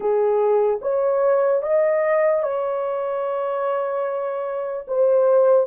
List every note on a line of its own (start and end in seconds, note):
0.00 0.79 G#4
0.81 1.62 C#5
1.62 2.42 D#5
2.42 4.85 C#5
4.87 5.66 C5